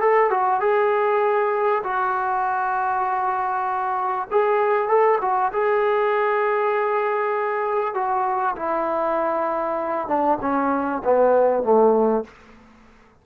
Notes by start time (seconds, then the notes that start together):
0.00 A4
0.30 F#4
0.60 G#4
1.83 F#4
4.31 G#4
4.88 A4
5.21 F#4
5.52 G#4
7.94 F#4
8.55 E4
10.07 D4
10.41 C#4
11.04 B3
11.63 A3